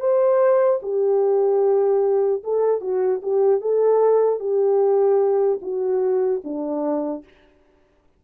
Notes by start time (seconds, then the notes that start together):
0.00 C5
0.83 G4
2.44 A4
2.81 F#4
3.23 G4
3.61 A4
4.40 G4
5.61 F#4
6.44 D4